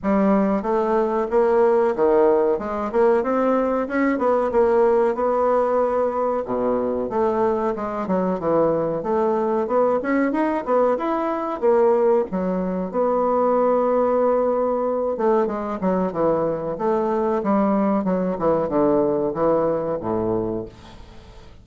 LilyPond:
\new Staff \with { instrumentName = "bassoon" } { \time 4/4 \tempo 4 = 93 g4 a4 ais4 dis4 | gis8 ais8 c'4 cis'8 b8 ais4 | b2 b,4 a4 | gis8 fis8 e4 a4 b8 cis'8 |
dis'8 b8 e'4 ais4 fis4 | b2.~ b8 a8 | gis8 fis8 e4 a4 g4 | fis8 e8 d4 e4 a,4 | }